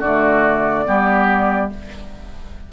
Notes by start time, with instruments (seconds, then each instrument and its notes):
0.00 bassoon D3, clarinet A3, oboe F#4, flute D5
0.85 bassoon G3, clarinet B3, oboe G4